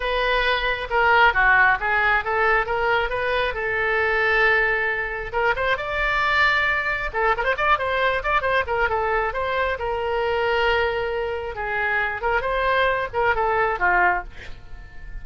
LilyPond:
\new Staff \with { instrumentName = "oboe" } { \time 4/4 \tempo 4 = 135 b'2 ais'4 fis'4 | gis'4 a'4 ais'4 b'4 | a'1 | ais'8 c''8 d''2. |
a'8 ais'16 c''16 d''8 c''4 d''8 c''8 ais'8 | a'4 c''4 ais'2~ | ais'2 gis'4. ais'8 | c''4. ais'8 a'4 f'4 | }